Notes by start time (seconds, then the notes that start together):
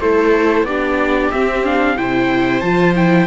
0.00 A3 E4 A4 C5
0.62 B3 D4 G4 D5
1.31 C4 E5
1.63 D4 F5
1.96 C3 E4 C5 G5
2.60 F3 F4 A5
2.95 E4 G5